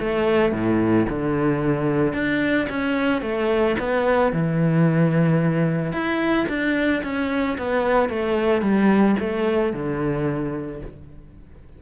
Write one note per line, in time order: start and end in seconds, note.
0.00 0.53 A3
0.53 1.07 A2
1.10 2.14 D3
2.14 2.68 D4
2.70 3.22 C#4
3.22 3.76 A3
3.79 4.33 B3
4.33 5.93 E3
5.93 6.47 E4
6.49 7.03 D4
7.04 7.58 C#4
7.58 8.10 B3
8.10 8.62 A3
8.62 9.16 G3
9.20 9.73 A3
9.73 10.82 D3